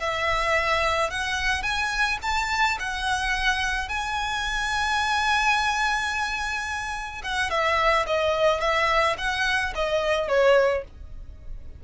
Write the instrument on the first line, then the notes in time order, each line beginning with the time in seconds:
violin
0.00 E5
1.11 F#5
1.63 G#5
2.23 A5
2.80 F#5
3.89 G#5
7.24 F#5
7.51 E5
8.07 D#5
8.61 E5
9.18 F#5
9.76 D#5
10.29 C#5